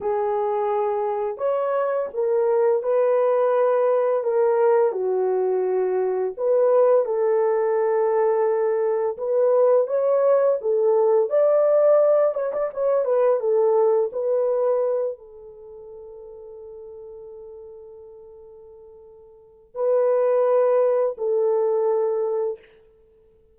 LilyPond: \new Staff \with { instrumentName = "horn" } { \time 4/4 \tempo 4 = 85 gis'2 cis''4 ais'4 | b'2 ais'4 fis'4~ | fis'4 b'4 a'2~ | a'4 b'4 cis''4 a'4 |
d''4. cis''16 d''16 cis''8 b'8 a'4 | b'4. a'2~ a'8~ | a'1 | b'2 a'2 | }